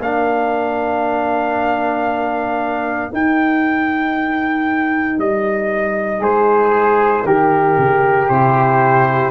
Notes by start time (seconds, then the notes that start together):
0.00 A#3 D4 A#4 F5
3.11 D#4 G5
5.18 G3 D#5
6.20 G#3 G#4 C5
7.25 D#3 G4 A#4
7.78 C#3
8.29 C3 E4 C5